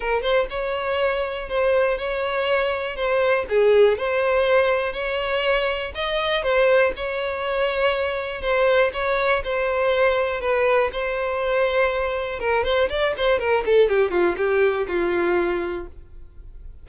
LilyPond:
\new Staff \with { instrumentName = "violin" } { \time 4/4 \tempo 4 = 121 ais'8 c''8 cis''2 c''4 | cis''2 c''4 gis'4 | c''2 cis''2 | dis''4 c''4 cis''2~ |
cis''4 c''4 cis''4 c''4~ | c''4 b'4 c''2~ | c''4 ais'8 c''8 d''8 c''8 ais'8 a'8 | g'8 f'8 g'4 f'2 | }